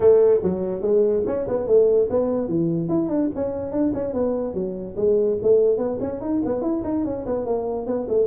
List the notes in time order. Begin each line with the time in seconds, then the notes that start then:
0.00 A3
0.42 F#3
0.81 G#3
1.26 C#4
1.48 B3
1.67 A3
2.10 B3
2.47 E3
2.89 E4
3.08 D4
3.35 C#4
3.71 D4
3.94 C#4
4.13 B3
4.53 F#3
4.96 G#3
5.42 A3
5.77 B3
6.00 C#4
6.21 D#4
6.45 B3
6.61 E4
6.84 D#4
7.04 C#4
7.26 B3
7.45 A#3
7.86 B3
8.08 A3